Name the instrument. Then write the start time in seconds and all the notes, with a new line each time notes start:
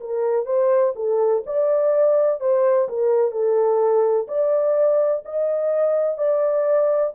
horn
0.00 A#4
0.46 C5
0.95 A4
1.46 D5
2.40 C5
2.88 A#4
3.31 A4
4.28 D5
5.25 D#5
6.18 D5